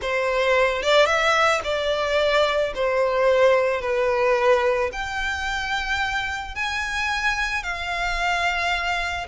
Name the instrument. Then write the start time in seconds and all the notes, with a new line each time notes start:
violin
0.01 C5
0.82 D5
1.06 E5
1.64 D5
2.74 C5
3.81 B4
4.92 G5
6.55 G#5
7.63 F5